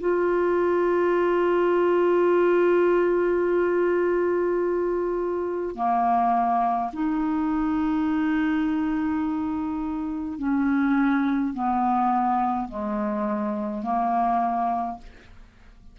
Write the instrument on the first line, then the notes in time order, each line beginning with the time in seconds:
clarinet
0.00 F4
5.75 A#3
6.92 D#4
10.38 C#4
11.53 B3
12.68 G#3
13.83 A#3